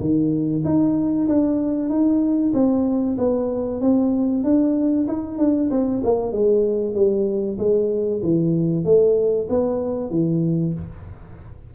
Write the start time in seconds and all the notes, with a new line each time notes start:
0.00 D#3
0.65 D#4
1.28 D4
1.90 D#4
2.54 C4
3.18 B3
3.81 C4
4.44 D4
5.08 D#4
5.38 D4
5.71 C4
6.04 A#3
6.32 G#3
6.95 G3
7.58 G#3
8.22 E3
8.85 A3
9.50 B3
10.11 E3